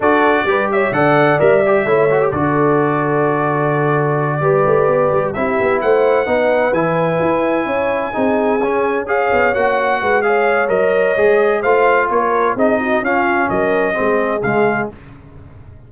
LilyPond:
<<
  \new Staff \with { instrumentName = "trumpet" } { \time 4/4 \tempo 4 = 129 d''4. e''8 fis''4 e''4~ | e''4 d''2.~ | d''2.~ d''8 e''8~ | e''8 fis''2 gis''4.~ |
gis''2.~ gis''8 f''8~ | f''8 fis''4. f''4 dis''4~ | dis''4 f''4 cis''4 dis''4 | f''4 dis''2 f''4 | }
  \new Staff \with { instrumentName = "horn" } { \time 4/4 a'4 b'8 cis''8 d''2 | cis''4 a'2.~ | a'4. b'2 g'8~ | g'8 c''4 b'2~ b'8~ |
b'8 cis''4 gis'2 cis''8~ | cis''4. b'8 cis''2~ | cis''4 c''4 ais'4 gis'8 fis'8 | f'4 ais'4 gis'2 | }
  \new Staff \with { instrumentName = "trombone" } { \time 4/4 fis'4 g'4 a'4 ais'8 g'8 | e'8 fis'16 g'16 fis'2.~ | fis'4. g'2 e'8~ | e'4. dis'4 e'4.~ |
e'4. dis'4 cis'4 gis'8~ | gis'8 fis'4. gis'4 ais'4 | gis'4 f'2 dis'4 | cis'2 c'4 gis4 | }
  \new Staff \with { instrumentName = "tuba" } { \time 4/4 d'4 g4 d4 g4 | a4 d2.~ | d4. g8 a8 b8 g8 c'8 | b8 a4 b4 e4 e'8~ |
e'8 cis'4 c'4 cis'4. | b8 ais4 gis4. fis4 | gis4 a4 ais4 c'4 | cis'4 fis4 gis4 cis4 | }
>>